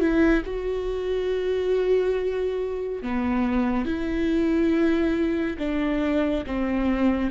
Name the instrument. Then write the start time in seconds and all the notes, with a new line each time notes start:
viola
0.00 E4
0.45 F#4
3.02 B3
3.85 E4
5.59 D4
6.46 C4